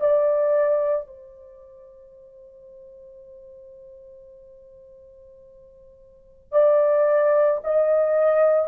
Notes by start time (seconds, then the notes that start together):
0.00 D5
1.07 C5
6.52 D5
7.64 D#5